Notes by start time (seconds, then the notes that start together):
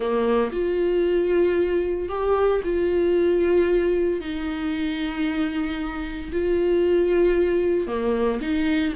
0.00 A#3
0.51 F4
2.09 G4
2.64 F4
4.20 D#4
6.32 F4
7.87 A#3
8.41 D#4